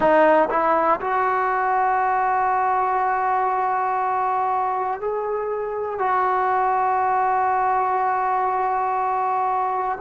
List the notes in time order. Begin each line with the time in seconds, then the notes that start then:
0.00 D#4
0.50 E4
1.00 F#4
5.00 G#4
5.98 F#4